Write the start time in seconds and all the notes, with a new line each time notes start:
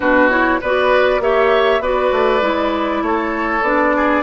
0.00 B2 D4 F#4 B4
0.30 E4 C#5
0.60 B3 F#4 B4 D5
1.19 A#3 G4 C#5 E5
1.80 B3 F#4 B4 D5
2.11 A3
2.40 G#3 E4
3.02 A3 A4 C#5
3.61 B3 D4 D5
3.96 G#4